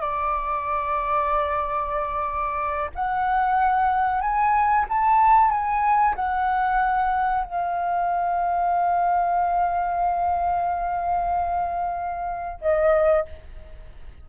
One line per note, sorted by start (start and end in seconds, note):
0.00 2.90 D5
2.94 4.21 F#5
4.21 4.85 G#5
4.89 5.50 A5
5.50 6.15 G#5
6.15 7.44 F#5
7.44 12.60 F5
12.60 13.25 D#5